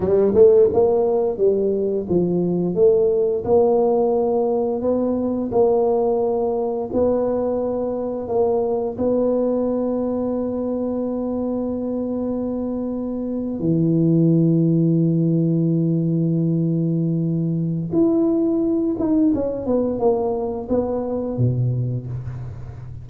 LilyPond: \new Staff \with { instrumentName = "tuba" } { \time 4/4 \tempo 4 = 87 g8 a8 ais4 g4 f4 | a4 ais2 b4 | ais2 b2 | ais4 b2.~ |
b2.~ b8. e16~ | e1~ | e2 e'4. dis'8 | cis'8 b8 ais4 b4 b,4 | }